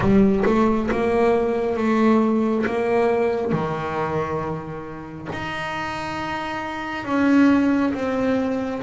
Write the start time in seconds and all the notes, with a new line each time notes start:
0.00 G3
0.45 A3
0.91 A#3
1.76 A3
2.66 A#3
3.51 D#3
5.32 D#4
7.05 C#4
7.93 C4